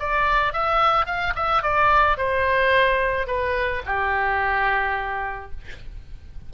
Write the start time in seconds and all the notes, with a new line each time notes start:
0.00 D5
0.53 E5
1.06 F5
1.36 E5
1.63 D5
2.18 C5
3.28 B4
3.86 G4